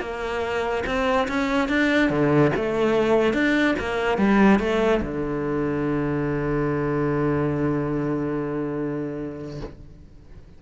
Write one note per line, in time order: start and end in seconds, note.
0.00 0.83 A#3
0.86 1.28 C4
1.28 1.68 C#4
1.68 2.10 D4
2.10 2.52 D3
2.56 3.33 A3
3.33 3.75 D4
3.79 4.17 A#3
4.17 4.59 G3
4.59 5.01 A3
5.02 9.60 D3